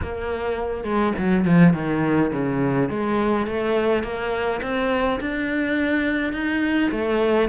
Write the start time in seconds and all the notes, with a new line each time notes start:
0.02 A#3
0.84 G#3
1.17 F#3
1.44 F3
1.73 D#3
2.32 C#3
2.89 G#3
3.46 A3
4.03 A#3
4.62 C4
5.20 D4
6.33 D#4
6.91 A3